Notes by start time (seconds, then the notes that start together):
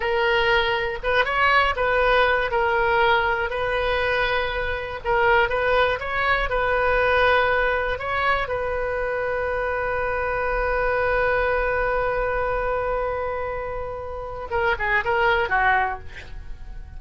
0.00 A#4
1.02 B4
1.25 C#5
1.76 B4
2.51 A#4
3.50 B4
5.04 A#4
5.49 B4
5.99 C#5
6.49 B4
7.98 C#5
8.47 B4
14.50 A#4
14.79 G#4
15.04 A#4
15.49 F#4